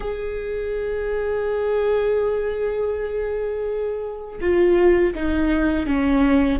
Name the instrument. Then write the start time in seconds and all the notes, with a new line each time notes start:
viola
0.00 G#4
4.40 F4
5.14 D#4
5.86 C#4